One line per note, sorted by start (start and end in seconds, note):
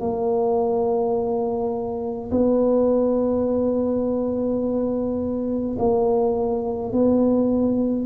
0.00 2.31 A#3
2.31 5.77 B3
5.79 6.92 A#3
6.92 8.06 B3